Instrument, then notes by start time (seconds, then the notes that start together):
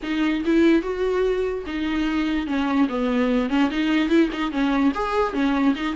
viola
0.02 D#4
0.45 E4
0.82 F#4
1.66 D#4
2.47 C#4
2.88 B3
3.49 C#4
3.70 D#4
4.09 E4
4.32 D#4
4.51 C#4
4.94 G#4
5.33 C#4
5.75 D#4